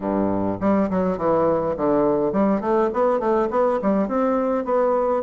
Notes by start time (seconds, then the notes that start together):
0.00 G2
0.60 G3
0.89 F#3
1.17 E3
1.77 D3
2.32 G3
2.61 A3
2.93 B3
3.19 A3
3.50 B3
3.82 G3
4.08 C4
4.64 B3